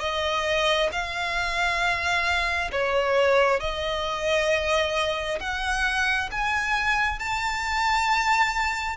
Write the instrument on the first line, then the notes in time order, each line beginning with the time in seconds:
violin
0.00 D#5
0.92 F5
2.72 C#5
3.60 D#5
5.40 F#5
6.31 G#5
7.19 A5